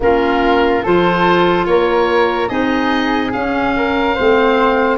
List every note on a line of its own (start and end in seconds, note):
0.00 0.83 A#3
0.00 0.84 C#4
0.00 0.82 F4
0.00 0.85 A#4
0.82 1.65 F3
0.82 2.49 F4
0.82 1.66 A4
0.82 1.65 C5
1.65 2.49 A#3
1.65 2.48 A#4
1.65 2.48 C#5
2.48 3.34 C4
2.48 3.32 D#4
2.48 3.73 G#4
2.48 3.31 D#5
3.32 4.18 C#4
3.32 4.17 C#4
3.32 4.97 F5
3.76 4.14 A#4
4.14 4.97 A3
4.14 4.97 C4
4.14 4.97 C5